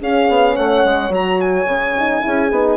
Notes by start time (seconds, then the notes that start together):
0.00 C#4 G#4 F5
0.29 B3
0.56 A3 C#5 F#5
0.85 G#3
1.10 F#3 F#4 A#5
1.41 G#5
1.66 C#3 C#4
1.98 D#4
2.22 C#4 E4 G#4
2.51 B3 D#4